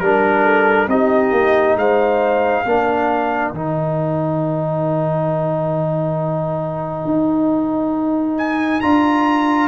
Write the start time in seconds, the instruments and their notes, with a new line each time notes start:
0.00 tuba G3, trombone D4, trumpet A#4, horn A#4
0.44 horn A4
0.87 tuba C4, trombone D#4, horn G4, trumpet D#5
1.32 tuba A#3
1.76 tuba G#3, horn C5, trumpet F5
2.64 tuba A#3, trombone D4, horn A#4
3.52 tuba D#3, trombone D#4, trumpet G5
7.05 tuba D#4
8.37 trumpet G#5
8.81 tuba D4, trombone F4, trumpet A#5